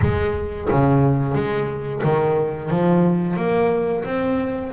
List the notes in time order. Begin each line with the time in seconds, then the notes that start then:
0.01 G#3
0.70 C#3
1.34 G#3
2.03 D#3
2.70 F3
3.36 A#3
4.04 C4